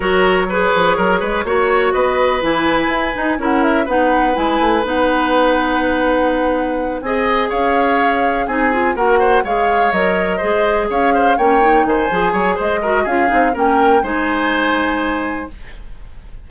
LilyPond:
<<
  \new Staff \with { instrumentName = "flute" } { \time 4/4 \tempo 4 = 124 cis''1 | dis''4 gis''2 fis''8 e''8 | fis''4 gis''4 fis''2~ | fis''2~ fis''8 gis''4 f''8~ |
f''4. gis''4 fis''4 f''8~ | f''8 dis''2 f''4 g''8~ | g''8 gis''4. dis''4 f''4 | g''4 gis''2. | }
  \new Staff \with { instrumentName = "oboe" } { \time 4/4 ais'4 b'4 ais'8 b'8 cis''4 | b'2. ais'4 | b'1~ | b'2~ b'8 dis''4 cis''8~ |
cis''4. gis'4 ais'8 c''8 cis''8~ | cis''4. c''4 cis''8 c''8 cis''8~ | cis''8 c''4 cis''8 c''8 ais'8 gis'4 | ais'4 c''2. | }
  \new Staff \with { instrumentName = "clarinet" } { \time 4/4 fis'4 gis'2 fis'4~ | fis'4 e'4. dis'8 e'4 | dis'4 e'4 dis'2~ | dis'2~ dis'8 gis'4.~ |
gis'4. dis'8 f'8 fis'4 gis'8~ | gis'8 ais'4 gis'2 cis'8 | dis'4 gis'4. fis'8 f'8 dis'8 | cis'4 dis'2. | }
  \new Staff \with { instrumentName = "bassoon" } { \time 4/4 fis4. f8 fis8 gis8 ais4 | b4 e4 e'8 dis'8 cis'4 | b4 gis8 a8 b2~ | b2~ b8 c'4 cis'8~ |
cis'4. c'4 ais4 gis8~ | gis8 fis4 gis4 cis'4 ais8~ | ais8 dis8 f8 fis8 gis4 cis'8 c'8 | ais4 gis2. | }
>>